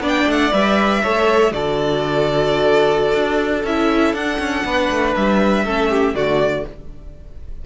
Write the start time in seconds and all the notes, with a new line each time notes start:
0.00 B3 D4 D5
0.08 G5
0.27 A3 F#5
0.52 G3 B4 E5
1.03 A3 A4 C#5
1.51 D3 F#4 A4 D5
3.14 D4
3.64 C#4 E4 E5
4.13 D4 F#5
4.39 C#4
4.65 B3 B4
4.91 A3
5.15 G3 E5
5.65 A3 C#4 A4
5.89 G4
6.14 D3 A3 F#4 D5